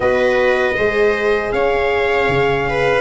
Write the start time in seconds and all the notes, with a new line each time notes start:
0.00 B3 F#4 B4 D#5
0.75 G#3 G#4 C5
1.52 C#4 C#5 F5
2.28 C#3
2.69 B4